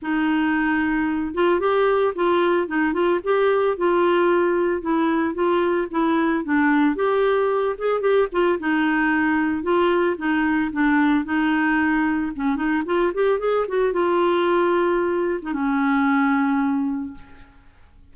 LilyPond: \new Staff \with { instrumentName = "clarinet" } { \time 4/4 \tempo 4 = 112 dis'2~ dis'8 f'8 g'4 | f'4 dis'8 f'8 g'4 f'4~ | f'4 e'4 f'4 e'4 | d'4 g'4. gis'8 g'8 f'8 |
dis'2 f'4 dis'4 | d'4 dis'2 cis'8 dis'8 | f'8 g'8 gis'8 fis'8 f'2~ | f'8. dis'16 cis'2. | }